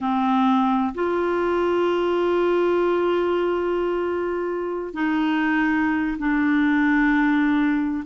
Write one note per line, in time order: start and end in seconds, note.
0.00 0.93 C4
0.94 4.93 F4
4.93 6.17 D#4
6.18 8.04 D4